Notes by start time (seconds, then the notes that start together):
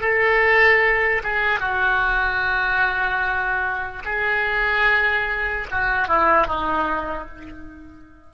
0.00 A4
1.23 G#4
1.60 F#4
4.05 G#4
5.71 F#4
6.08 E4
6.47 D#4